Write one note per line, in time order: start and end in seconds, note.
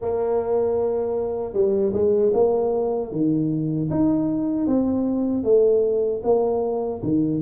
0.01 1.53 A#3
1.53 1.92 G3
1.93 2.32 G#3
2.33 3.11 A#3
3.11 3.89 D#3
3.90 4.66 D#4
4.66 5.43 C4
5.43 6.21 A3
6.23 7.01 A#3
7.02 7.41 D#3